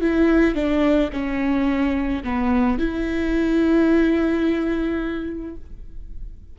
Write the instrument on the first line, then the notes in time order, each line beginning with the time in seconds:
viola
0.00 E4
0.55 D4
1.12 C#4
2.23 B3
2.78 E4